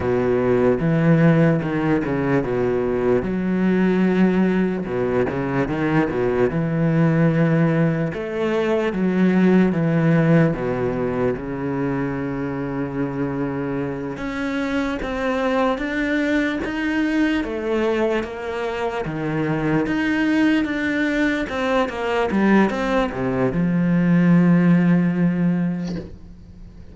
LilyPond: \new Staff \with { instrumentName = "cello" } { \time 4/4 \tempo 4 = 74 b,4 e4 dis8 cis8 b,4 | fis2 b,8 cis8 dis8 b,8 | e2 a4 fis4 | e4 b,4 cis2~ |
cis4. cis'4 c'4 d'8~ | d'8 dis'4 a4 ais4 dis8~ | dis8 dis'4 d'4 c'8 ais8 g8 | c'8 c8 f2. | }